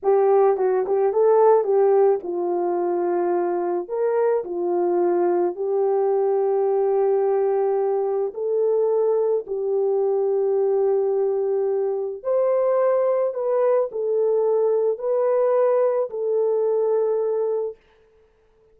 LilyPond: \new Staff \with { instrumentName = "horn" } { \time 4/4 \tempo 4 = 108 g'4 fis'8 g'8 a'4 g'4 | f'2. ais'4 | f'2 g'2~ | g'2. a'4~ |
a'4 g'2.~ | g'2 c''2 | b'4 a'2 b'4~ | b'4 a'2. | }